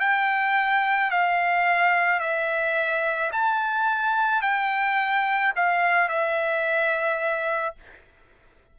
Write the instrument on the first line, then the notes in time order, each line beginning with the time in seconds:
trumpet
0.00 G5
1.11 F5
2.20 E5
3.32 A5
4.42 G5
5.56 F5
6.09 E5